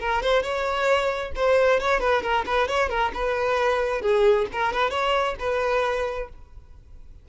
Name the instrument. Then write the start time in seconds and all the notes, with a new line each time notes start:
violin
0.00 A#4
0.22 C5
0.43 C#5
1.36 C5
1.80 C#5
2.00 B4
2.22 A#4
2.46 B4
2.68 C#5
2.89 A#4
3.14 B4
4.02 G#4
4.52 A#4
4.73 B4
4.90 C#5
5.39 B4